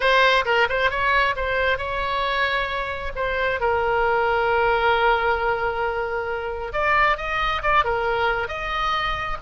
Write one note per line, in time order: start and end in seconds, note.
0.00 0.44 C5
0.45 0.67 A#4
0.69 0.90 C5
0.90 1.35 C#5
1.36 1.78 C5
1.78 3.12 C#5
3.15 3.60 C5
3.60 6.73 A#4
6.73 7.17 D5
7.17 7.62 D#5
7.62 7.84 D5
7.84 8.48 A#4
8.48 9.37 D#5